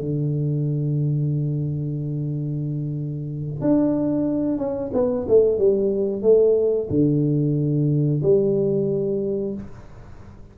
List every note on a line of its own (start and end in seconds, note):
0.00 3.61 D3
3.61 4.58 D4
4.58 4.91 C#4
4.93 5.26 B3
5.28 5.58 A3
5.58 6.22 G3
6.22 6.88 A3
6.90 8.22 D3
8.23 9.55 G3